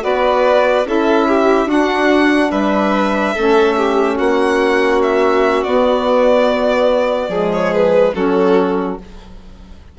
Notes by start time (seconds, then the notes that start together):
0.00 B3 F#4 B4 D5
0.85 C#4 E4 A4 E5
1.28 G4
1.65 D4 F#4 F#5
2.51 G3 B4 E5
3.34 A3 C#4 A4
3.77 G4
4.17 A#3 F#4 F#5
5.02 E5
5.63 B3 D5
7.29 F3 G#3 G#4
7.53 C#5
7.74 B4
8.14 F#3 C#4 F#4 A4